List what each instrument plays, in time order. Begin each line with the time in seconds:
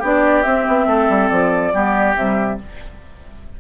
0.00 bassoon B3, clarinet D4, oboe G4
0.06 flute D5
0.43 clarinet C4, bassoon C4, flute E5
0.67 bassoon B3
0.87 bassoon A3, oboe A4
1.09 bassoon G3
1.29 bassoon F3, flute D5
1.73 bassoon G3, clarinet B3, oboe G4
2.16 bassoon C3, clarinet G3, flute E5